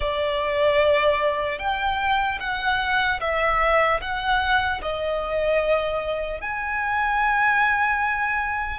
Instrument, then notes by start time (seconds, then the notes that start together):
violin
0.00 D5
1.59 G5
2.40 F#5
3.20 E5
4.01 F#5
4.82 D#5
6.40 G#5